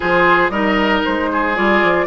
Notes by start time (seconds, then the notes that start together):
0.00 F3 F4 G#4 C5
0.49 G3 D#4 A#4 D#5
1.04 G#3 C5
1.32 G#4
1.55 G3 F4 D5
1.83 F3